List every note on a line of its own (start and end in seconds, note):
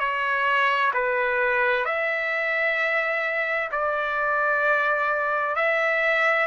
0.00 0.92 C#5
0.94 1.85 B4
1.85 3.70 E5
3.72 5.56 D5
5.56 6.47 E5